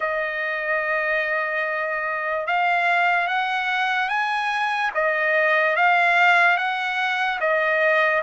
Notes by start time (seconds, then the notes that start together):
0.00 D#5
2.47 F5
3.27 F#5
4.08 G#5
4.94 D#5
5.76 F5
6.57 F#5
7.40 D#5